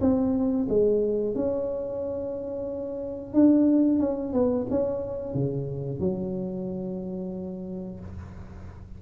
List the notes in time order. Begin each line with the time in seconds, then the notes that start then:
0.00 C4
0.69 G#3
1.35 C#4
3.33 D4
3.99 C#4
4.33 B3
4.70 C#4
5.34 C#3
5.99 F#3